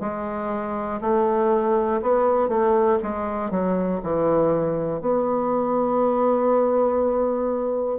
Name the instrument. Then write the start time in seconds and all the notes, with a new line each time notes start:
bassoon
0.00 G#3
1.01 A3
2.01 B3
2.49 A3
3.03 G#3
3.50 F#3
4.03 E3
5.00 B3